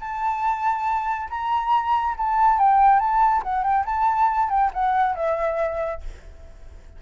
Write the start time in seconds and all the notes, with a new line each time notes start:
0.00 A5
1.30 A#5
2.18 A5
2.59 G5
3.00 A5
3.43 F#5
3.63 G5
3.86 A5
4.50 G5
4.74 F#5
5.15 E5